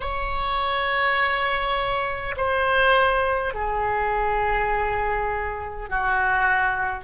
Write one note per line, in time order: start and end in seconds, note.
0.00 2.35 C#5
2.36 3.53 C5
3.53 5.89 G#4
5.89 7.04 F#4